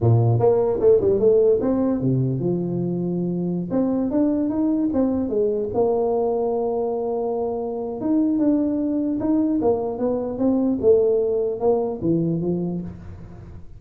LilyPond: \new Staff \with { instrumentName = "tuba" } { \time 4/4 \tempo 4 = 150 ais,4 ais4 a8 g8 a4 | c'4 c4 f2~ | f4~ f16 c'4 d'4 dis'8.~ | dis'16 c'4 gis4 ais4.~ ais16~ |
ais1 | dis'4 d'2 dis'4 | ais4 b4 c'4 a4~ | a4 ais4 e4 f4 | }